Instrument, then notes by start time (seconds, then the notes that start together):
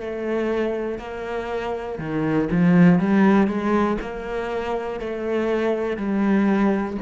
cello
0.00 A3
0.98 A#3
1.98 D#3
2.51 F3
2.99 G3
3.47 G#3
4.01 A#3
5.00 A3
5.97 G3